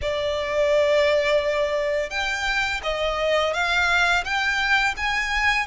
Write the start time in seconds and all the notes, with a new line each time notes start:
0.01 D5
2.10 G5
2.83 D#5
3.53 F5
4.24 G5
4.96 G#5